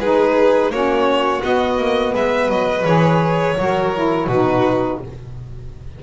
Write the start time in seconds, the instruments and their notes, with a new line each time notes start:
0.00 double bass G#3, saxophone D#4, violin G#4 B4
0.70 double bass A#3, saxophone C#4, violin F#4 C#5
1.40 saxophone B3, double bass B3, violin D#5
1.78 double bass A#3
2.14 double bass G#3, violin B4 E5
2.49 double bass F#3, violin D#5
2.85 double bass E3, saxophone G#4, violin C#5
3.58 double bass F#3, saxophone F#4, violin A#4
3.95 saxophone E4
4.28 double bass B2, saxophone D#4, violin F#4 B4